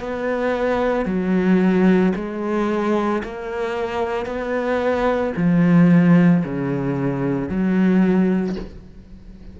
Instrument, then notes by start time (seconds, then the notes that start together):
cello
0.00 B3
1.05 F#3
2.15 G#3
3.23 A#3
4.26 B3
5.36 F3
6.44 C#3
7.49 F#3